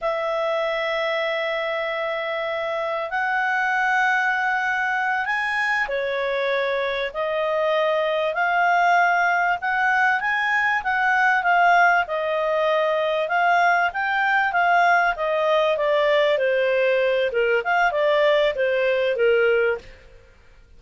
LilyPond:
\new Staff \with { instrumentName = "clarinet" } { \time 4/4 \tempo 4 = 97 e''1~ | e''4 fis''2.~ | fis''8 gis''4 cis''2 dis''8~ | dis''4. f''2 fis''8~ |
fis''8 gis''4 fis''4 f''4 dis''8~ | dis''4. f''4 g''4 f''8~ | f''8 dis''4 d''4 c''4. | ais'8 f''8 d''4 c''4 ais'4 | }